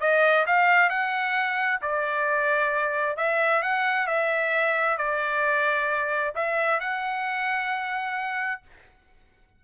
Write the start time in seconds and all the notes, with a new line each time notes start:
0.00 D#5
0.46 F5
0.89 F#5
1.81 D5
3.17 E5
3.62 F#5
4.07 E5
4.98 D5
6.35 E5
6.80 F#5